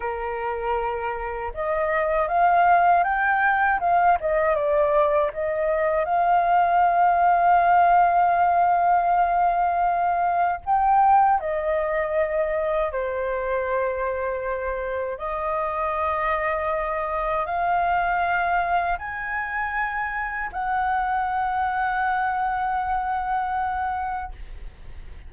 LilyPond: \new Staff \with { instrumentName = "flute" } { \time 4/4 \tempo 4 = 79 ais'2 dis''4 f''4 | g''4 f''8 dis''8 d''4 dis''4 | f''1~ | f''2 g''4 dis''4~ |
dis''4 c''2. | dis''2. f''4~ | f''4 gis''2 fis''4~ | fis''1 | }